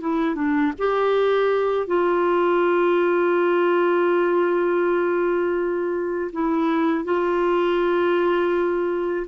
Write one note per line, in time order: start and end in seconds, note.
0.00 0.35 E4
0.35 0.72 D4
0.78 1.87 G4
1.87 6.31 F4
6.32 7.04 E4
7.04 9.26 F4